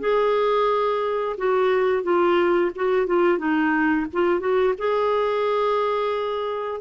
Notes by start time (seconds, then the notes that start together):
0.00 G#4
1.38 F#4
2.03 F4
2.76 F#4
3.07 F4
3.38 D#4
4.13 F4
4.40 F#4
4.78 G#4